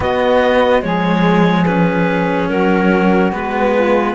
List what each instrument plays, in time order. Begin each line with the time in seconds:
0.00 cello B3, saxophone F#4, clarinet D#5
0.81 cello F3 G#3, saxophone G#4, clarinet C#5
1.65 cello C#4, clarinet B4
2.48 cello F#3, saxophone F#4, clarinet A#4
3.32 cello G#3 B3, clarinet B4
3.74 saxophone F4